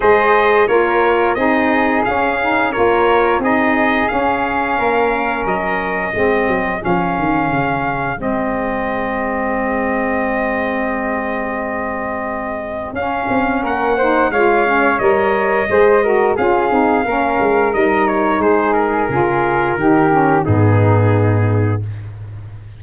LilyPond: <<
  \new Staff \with { instrumentName = "trumpet" } { \time 4/4 \tempo 4 = 88 dis''4 cis''4 dis''4 f''4 | cis''4 dis''4 f''2 | dis''2 f''2 | dis''1~ |
dis''2. f''4 | fis''4 f''4 dis''2 | f''2 dis''8 cis''8 c''8 ais'8~ | ais'2 gis'2 | }
  \new Staff \with { instrumentName = "flute" } { \time 4/4 c''4 ais'4 gis'2 | ais'4 gis'2 ais'4~ | ais'4 gis'2.~ | gis'1~ |
gis'1 | ais'8 c''8 cis''2 c''8 ais'8 | gis'4 ais'2 gis'4~ | gis'4 g'4 dis'2 | }
  \new Staff \with { instrumentName = "saxophone" } { \time 4/4 gis'4 f'4 dis'4 cis'8 dis'8 | f'4 dis'4 cis'2~ | cis'4 c'4 cis'2 | c'1~ |
c'2. cis'4~ | cis'8 dis'8 f'8 cis'8 ais'4 gis'8 fis'8 | f'8 dis'8 cis'4 dis'2 | f'4 dis'8 cis'8 b2 | }
  \new Staff \with { instrumentName = "tuba" } { \time 4/4 gis4 ais4 c'4 cis'4 | ais4 c'4 cis'4 ais4 | fis4 gis8 fis8 f8 dis8 cis4 | gis1~ |
gis2. cis'8 c'8 | ais4 gis4 g4 gis4 | cis'8 c'8 ais8 gis8 g4 gis4 | cis4 dis4 gis,2 | }
>>